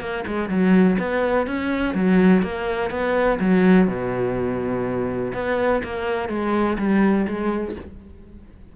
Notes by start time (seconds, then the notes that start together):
0.00 A#3
0.26 G#3
0.49 F#3
0.98 B3
1.46 C#4
1.94 F#3
2.42 A#3
2.90 B3
3.40 F#3
3.87 B2
5.33 B3
5.83 A#3
6.28 G#3
6.78 G3
7.27 G#3